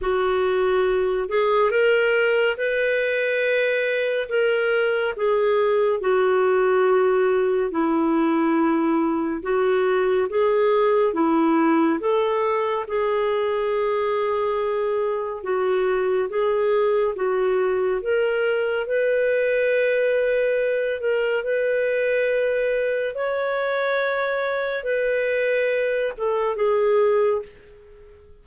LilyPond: \new Staff \with { instrumentName = "clarinet" } { \time 4/4 \tempo 4 = 70 fis'4. gis'8 ais'4 b'4~ | b'4 ais'4 gis'4 fis'4~ | fis'4 e'2 fis'4 | gis'4 e'4 a'4 gis'4~ |
gis'2 fis'4 gis'4 | fis'4 ais'4 b'2~ | b'8 ais'8 b'2 cis''4~ | cis''4 b'4. a'8 gis'4 | }